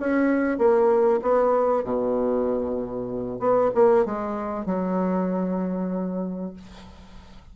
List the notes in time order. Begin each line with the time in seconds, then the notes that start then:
0.00 C#4
0.58 A#3
1.22 B3
1.84 B2
3.39 B3
3.75 A#3
4.05 G#3
4.66 F#3